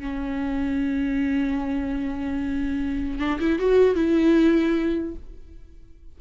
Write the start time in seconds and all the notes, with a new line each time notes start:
0.00 C#4
3.19 D4
3.40 E4
3.59 F#4
3.95 E4